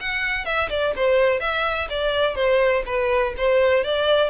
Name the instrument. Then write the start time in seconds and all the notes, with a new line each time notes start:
violin
0.00 F#5
0.45 E5
0.69 D5
0.96 C5
1.40 E5
1.89 D5
2.35 C5
2.86 B4
3.37 C5
3.84 D5